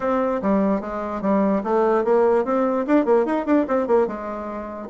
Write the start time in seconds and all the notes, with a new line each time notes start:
0.00 C4
0.41 G3
0.80 G#3
1.21 G3
1.63 A3
2.04 A#3
2.45 C4
2.86 D4
3.05 A#3
3.25 D#4
3.46 D4
3.67 C4
3.87 A#3
4.07 G#3